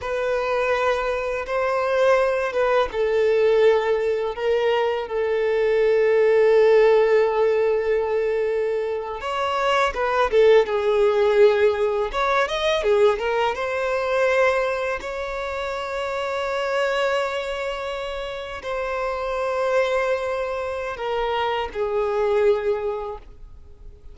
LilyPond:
\new Staff \with { instrumentName = "violin" } { \time 4/4 \tempo 4 = 83 b'2 c''4. b'8 | a'2 ais'4 a'4~ | a'1~ | a'8. cis''4 b'8 a'8 gis'4~ gis'16~ |
gis'8. cis''8 dis''8 gis'8 ais'8 c''4~ c''16~ | c''8. cis''2.~ cis''16~ | cis''4.~ cis''16 c''2~ c''16~ | c''4 ais'4 gis'2 | }